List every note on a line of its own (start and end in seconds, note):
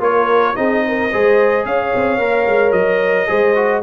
0.00 0.55 A#3
0.00 0.55 F4
0.00 0.57 A#4
0.00 0.56 C#5
0.56 1.12 C4
0.56 1.10 D#4
0.56 0.84 G#4
0.56 1.66 D#5
0.88 1.12 A#4
1.12 1.66 G#3
1.12 2.20 G#4
1.12 1.66 C5
1.66 1.93 C#4
1.66 3.29 C#5
1.66 2.72 F5
1.95 2.18 C4
2.18 2.45 A#3
2.18 3.27 A#4
2.47 2.72 G#3
2.72 3.27 F#3
2.72 3.81 D#5
3.27 3.83 G#3
3.27 3.54 G#4
3.27 3.83 C5
3.56 3.83 F#4